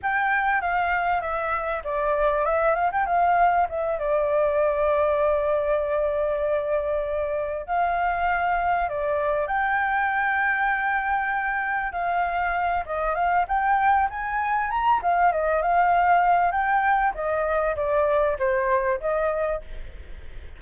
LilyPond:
\new Staff \with { instrumentName = "flute" } { \time 4/4 \tempo 4 = 98 g''4 f''4 e''4 d''4 | e''8 f''16 g''16 f''4 e''8 d''4.~ | d''1~ | d''8 f''2 d''4 g''8~ |
g''2.~ g''8 f''8~ | f''4 dis''8 f''8 g''4 gis''4 | ais''8 f''8 dis''8 f''4. g''4 | dis''4 d''4 c''4 dis''4 | }